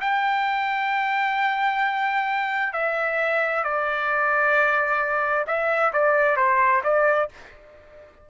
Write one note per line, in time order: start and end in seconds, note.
0.00 2.72 G5
2.72 3.63 E5
3.63 5.45 D5
5.46 5.92 E5
5.93 6.36 D5
6.36 6.82 C5
6.83 7.29 D5